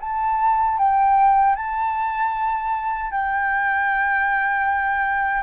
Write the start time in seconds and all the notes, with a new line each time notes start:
0.00 A5
0.78 G5
1.55 A5
3.11 G5